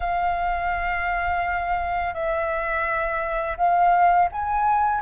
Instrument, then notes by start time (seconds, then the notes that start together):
flute
0.00 F5
2.14 E5
3.57 F5
4.32 G#5